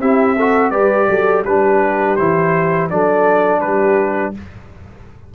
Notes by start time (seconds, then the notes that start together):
0.00 C4 E4 G4 E5
0.36 F#4 A4
0.70 G3 G4 B4 D5
1.09 F#3 A4
1.45 G3 D4 G4 B4
2.16 E3 E4 C5
2.90 F#3 D4 A4 D5
3.61 G3 G4 B4